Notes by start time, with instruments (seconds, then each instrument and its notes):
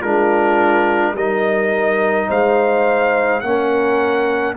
0.00 tuba G#3, trombone D4, horn F4, trumpet A#4
1.14 tuba G3, trombone D#4, horn A#4, trumpet D#5
2.28 tuba G#3, horn C5, trumpet F5
3.40 tuba A#3, trombone C#4, trumpet F#5
3.48 horn A#4